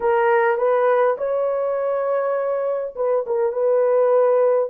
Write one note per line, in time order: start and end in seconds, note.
0.00 0.57 A#4
0.57 1.16 B4
1.17 2.94 C#5
2.95 3.25 B4
3.26 3.52 A#4
3.52 4.70 B4